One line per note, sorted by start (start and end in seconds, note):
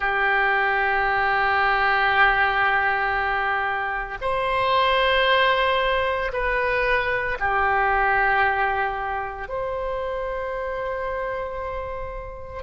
0.00 4.18 G4
4.21 6.31 C5
6.32 7.37 B4
7.39 9.48 G4
9.48 12.62 C5